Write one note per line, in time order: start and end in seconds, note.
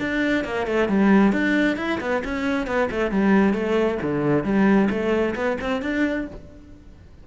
0.00 0.45 D4
0.45 0.67 A#3
0.67 0.89 A3
0.89 1.33 G3
1.33 1.77 D4
1.77 1.99 E4
2.01 2.23 B3
2.25 2.67 C#4
2.67 2.89 B3
2.91 3.11 A3
3.11 3.54 G3
3.54 3.98 A3
4.02 4.44 D3
4.44 4.89 G3
4.90 5.35 A3
5.35 5.58 B3
5.61 5.82 C4
5.82 6.27 D4